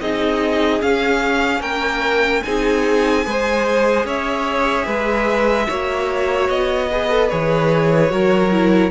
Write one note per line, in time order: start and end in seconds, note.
0.00 0.81 C4
0.00 0.80 D#4
0.00 1.61 G#4
0.00 0.82 D#5
0.80 2.42 C#4
0.80 1.60 C#4
0.80 1.62 F5
1.60 2.41 A#3
1.60 2.42 A#4
1.60 2.43 G5
2.43 3.26 C4
2.43 3.24 D#4
2.43 3.26 G#4
2.43 4.05 G#5
3.24 4.05 G#3
3.24 5.68 G#4
3.24 4.06 C5
4.05 4.86 C#4
4.05 4.85 C#5
4.05 6.49 E5
4.85 5.67 G#3
4.85 5.67 B4
5.67 6.49 A#3
5.67 6.90 F#4
5.67 6.88 C#5
6.49 7.30 B3
6.49 7.29 D#5
6.91 7.09 G#4
6.91 8.11 B4
7.09 7.30 A4
7.29 8.11 E3
7.29 8.09 G#4
7.29 8.91 C#5
8.09 8.91 F#3
8.09 8.50 F#4
8.09 8.91 A#4
8.51 8.91 E4